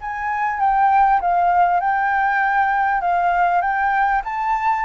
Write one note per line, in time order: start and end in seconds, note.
0.00 0.60 G#5
0.60 1.20 G5
1.21 1.80 F5
1.80 3.01 G5
3.01 3.61 F5
3.61 4.21 G5
4.24 4.85 A5